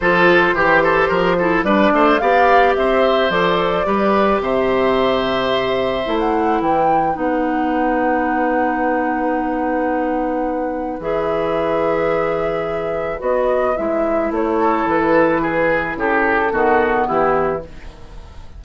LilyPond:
<<
  \new Staff \with { instrumentName = "flute" } { \time 4/4 \tempo 4 = 109 c''2. d''4 | f''4 e''4 d''2 | e''2.~ e''16 fis''8. | g''4 fis''2.~ |
fis''1 | e''1 | dis''4 e''4 cis''4 b'4~ | b'4 a'2 g'4 | }
  \new Staff \with { instrumentName = "oboe" } { \time 4/4 a'4 g'8 a'8 ais'8 a'8 b'8 c''8 | d''4 c''2 b'4 | c''1 | b'1~ |
b'1~ | b'1~ | b'2~ b'8 a'4. | gis'4 g'4 fis'4 e'4 | }
  \new Staff \with { instrumentName = "clarinet" } { \time 4/4 f'4 g'4. e'8 d'4 | g'2 a'4 g'4~ | g'2. e'4~ | e'4 dis'2.~ |
dis'1 | gis'1 | fis'4 e'2.~ | e'2 b2 | }
  \new Staff \with { instrumentName = "bassoon" } { \time 4/4 f4 e4 f4 g8 a8 | b4 c'4 f4 g4 | c2. a4 | e4 b2.~ |
b1 | e1 | b4 gis4 a4 e4~ | e4 cis4 dis4 e4 | }
>>